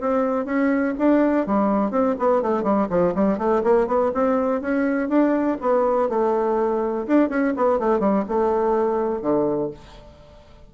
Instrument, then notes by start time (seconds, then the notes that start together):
bassoon
0.00 C4
0.45 C#4
0.98 D4
1.46 G3
1.90 C4
2.19 B3
2.42 A3
2.63 G3
2.89 F3
3.14 G3
3.38 A3
3.63 A#3
3.87 B3
4.14 C4
4.61 C#4
5.08 D4
5.61 B3
6.09 A3
7.07 D4
7.29 C#4
7.56 B3
7.79 A3
7.99 G3
8.28 A3
9.22 D3